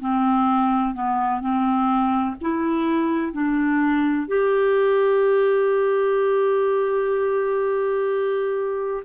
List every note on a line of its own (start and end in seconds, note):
0.00 0.94 C4
0.94 1.41 B3
1.41 2.36 C4
2.41 3.32 E4
3.32 4.28 D4
4.28 9.04 G4